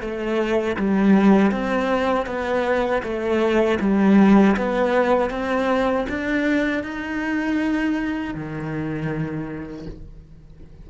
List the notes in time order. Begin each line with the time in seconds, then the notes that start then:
0.00 A3
0.76 G3
1.51 C4
2.26 B3
3.02 A3
3.80 G3
4.56 B3
5.30 C4
6.09 D4
6.83 D#4
8.34 D#3